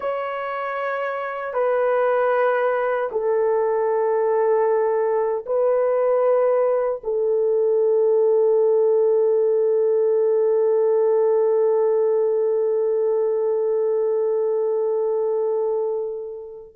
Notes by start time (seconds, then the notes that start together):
0.00 C#5
1.53 B4
3.11 A4
5.45 B4
7.03 A4